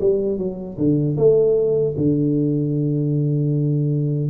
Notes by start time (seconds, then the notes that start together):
0.00 G3
0.38 F#3
0.77 D3
1.17 A3
1.97 D3